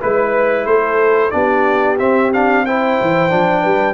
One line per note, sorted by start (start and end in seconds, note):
0.00 0.66 G#3
0.00 1.32 E4
0.00 0.66 B4
0.00 0.67 B4
0.66 1.32 A3
0.66 1.34 A4
0.66 1.31 C5
1.31 2.00 B3
1.31 1.98 D4
1.31 2.66 G4
1.31 1.97 D5
1.99 2.33 C4
1.99 2.99 C4
1.99 2.32 E5
2.34 2.67 D4
2.34 2.66 F5
2.66 3.30 E4
2.66 3.62 C5
2.66 3.94 G5
3.02 3.33 E3
3.30 3.65 F3
3.30 3.94 D4
3.62 3.94 G3
3.62 3.94 B4